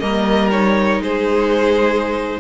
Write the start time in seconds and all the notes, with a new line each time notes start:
0.00 G3 A#3 A#4 D#5
0.52 D#4 C#5
0.99 G#3 G#4 C5